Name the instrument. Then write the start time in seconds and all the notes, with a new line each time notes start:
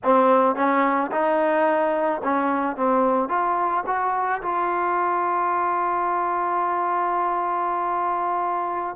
trombone
0.03 C4
0.55 C#4
1.11 D#4
2.23 C#4
2.76 C4
3.29 F4
3.86 F#4
4.42 F4